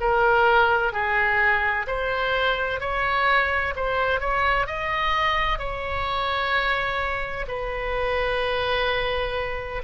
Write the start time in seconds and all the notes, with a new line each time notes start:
0.00 A#4
0.92 G#4
1.87 C5
2.80 C#5
3.76 C5
4.20 C#5
4.67 D#5
5.59 C#5
7.48 B4